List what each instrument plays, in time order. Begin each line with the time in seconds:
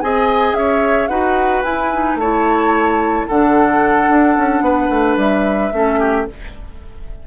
0.00 bassoon C4, clarinet G#4, oboe D#5, flute G#5
0.53 bassoon C#4, oboe C#5, flute E5
1.07 bassoon D#4, clarinet F#4, oboe B4, flute F#5
1.63 bassoon E4, clarinet E4, flute G#5
1.93 clarinet D#4
2.15 bassoon A3, oboe C#5, flute A5
2.21 clarinet E4
3.27 bassoon D3, clarinet D4, oboe A4, flute F#5
4.08 bassoon D4
4.37 bassoon C#4
4.60 bassoon B3, oboe B4
4.90 bassoon A3
5.16 bassoon G3, flute E5
5.72 bassoon A3, clarinet C#4, oboe A4
5.99 oboe G4